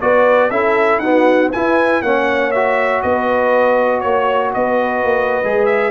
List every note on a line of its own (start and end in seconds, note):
0.00 0.50 B3
0.00 0.51 F#4
0.00 0.51 B4
0.00 0.50 D5
0.50 0.98 C#4
0.50 1.02 E4
0.50 1.01 A4
0.50 0.99 E5
0.98 1.53 B3
0.98 1.49 D#4
0.98 1.51 F#4
0.98 1.49 F#5
1.52 2.04 E4
1.52 2.01 E4
1.52 2.02 B4
1.52 2.02 G#5
2.01 3.02 A#3
2.01 2.54 C#4
2.01 3.03 C#5
2.01 2.51 F#5
2.51 5.43 F#4
2.51 3.01 E5
3.02 4.04 B3
3.02 4.00 B4
3.02 4.00 D#5
4.00 4.54 A#3
4.00 4.50 C#5
4.00 4.51 C#5
4.53 5.03 B3
4.53 5.91 B4
4.53 5.65 D#5
5.03 5.41 A#3
5.43 5.91 G#3
5.43 5.91 G#4
5.65 5.91 E5